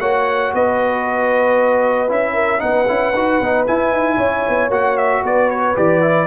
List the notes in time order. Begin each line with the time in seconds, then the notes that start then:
0.00 A#3 F#4 C#5 F#5
0.54 B3 B4 D#5
2.08 C#4 E4 E5
2.33 A#4
2.58 B3 D#4 B4 F#5
2.87 C#4 E4
3.13 D#4 F#4
3.41 B3 D#4
3.66 E4 G#5
3.91 D#4
4.17 C#4 C#5
4.48 B3
4.69 A#3 F#4 F#5
4.97 E5
5.23 B3 B4 D5
5.50 C#5
5.75 E3 G4 D5
6.01 E4